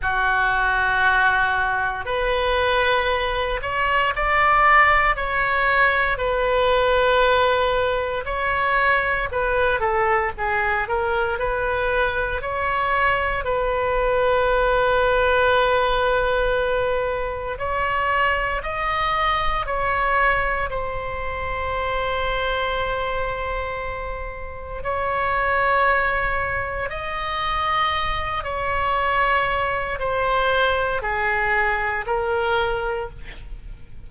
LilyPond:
\new Staff \with { instrumentName = "oboe" } { \time 4/4 \tempo 4 = 58 fis'2 b'4. cis''8 | d''4 cis''4 b'2 | cis''4 b'8 a'8 gis'8 ais'8 b'4 | cis''4 b'2.~ |
b'4 cis''4 dis''4 cis''4 | c''1 | cis''2 dis''4. cis''8~ | cis''4 c''4 gis'4 ais'4 | }